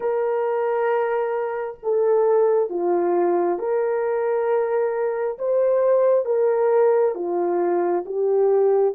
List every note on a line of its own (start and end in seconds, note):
0.00 1.77 A#4
1.82 2.69 A4
2.69 3.58 F4
3.58 5.37 A#4
5.38 6.25 C5
6.25 7.14 A#4
7.14 8.04 F4
8.05 8.95 G4